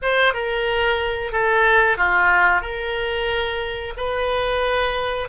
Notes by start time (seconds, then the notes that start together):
0.02 C5
0.33 A#4
1.32 A4
1.97 F4
2.61 A#4
3.96 B4